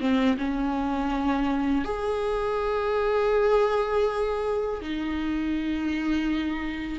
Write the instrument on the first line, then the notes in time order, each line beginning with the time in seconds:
viola
0.00 C4
0.38 C#4
1.85 G#4
4.81 D#4